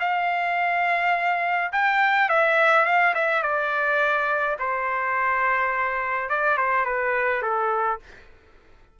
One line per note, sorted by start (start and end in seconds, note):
0.00 1.71 F5
1.72 2.29 G5
2.29 2.85 E5
2.85 3.14 F5
3.15 3.43 E5
3.43 4.57 D5
4.59 6.29 C5
6.29 6.58 D5
6.58 6.85 C5
6.85 7.42 B4
7.42 7.99 A4